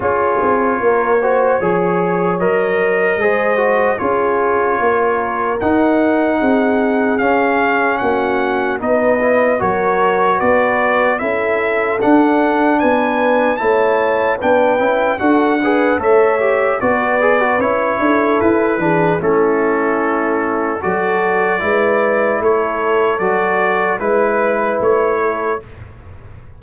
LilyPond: <<
  \new Staff \with { instrumentName = "trumpet" } { \time 4/4 \tempo 4 = 75 cis''2. dis''4~ | dis''4 cis''2 fis''4~ | fis''4 f''4 fis''4 dis''4 | cis''4 d''4 e''4 fis''4 |
gis''4 a''4 g''4 fis''4 | e''4 d''4 cis''4 b'4 | a'2 d''2 | cis''4 d''4 b'4 cis''4 | }
  \new Staff \with { instrumentName = "horn" } { \time 4/4 gis'4 ais'8 c''8 cis''2 | c''4 gis'4 ais'2 | gis'2 fis'4 b'4 | ais'4 b'4 a'2 |
b'4 cis''4 b'4 a'8 b'8 | cis''4 b'4. a'4 gis'8 | e'2 a'4 b'4 | a'2 b'4. a'8 | }
  \new Staff \with { instrumentName = "trombone" } { \time 4/4 f'4. fis'8 gis'4 ais'4 | gis'8 fis'8 f'2 dis'4~ | dis'4 cis'2 dis'8 e'8 | fis'2 e'4 d'4~ |
d'4 e'4 d'8 e'8 fis'8 gis'8 | a'8 g'8 fis'8 gis'16 fis'16 e'4. d'8 | cis'2 fis'4 e'4~ | e'4 fis'4 e'2 | }
  \new Staff \with { instrumentName = "tuba" } { \time 4/4 cis'8 c'8 ais4 f4 fis4 | gis4 cis'4 ais4 dis'4 | c'4 cis'4 ais4 b4 | fis4 b4 cis'4 d'4 |
b4 a4 b8 cis'8 d'4 | a4 b4 cis'8 d'8 e'8 e8 | a2 fis4 gis4 | a4 fis4 gis4 a4 | }
>>